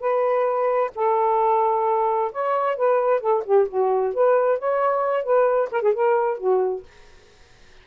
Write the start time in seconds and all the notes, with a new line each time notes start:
0.00 B4
0.95 A4
2.32 C#5
2.76 B4
3.21 A4
3.45 G4
3.69 F#4
4.14 B4
4.59 C#5
5.24 B4
5.72 A#4
5.82 G#4
5.94 A#4
6.38 F#4